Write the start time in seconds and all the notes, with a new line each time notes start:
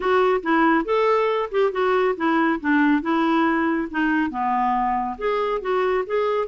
0.00 F#4
0.42 E4
0.84 A4
1.51 G4
1.72 F#4
2.17 E4
2.60 D4
3.02 E4
3.90 D#4
4.30 B3
5.18 G#4
5.61 F#4
6.06 G#4